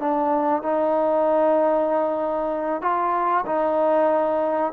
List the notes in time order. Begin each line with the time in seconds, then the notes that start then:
0.00 D4
0.63 D#4
2.82 F4
3.47 D#4